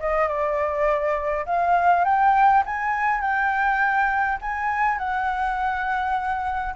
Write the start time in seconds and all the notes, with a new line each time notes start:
0.00 D#5
0.28 D5
1.46 F5
2.05 G5
2.66 G#5
3.21 G5
4.42 G#5
4.99 F#5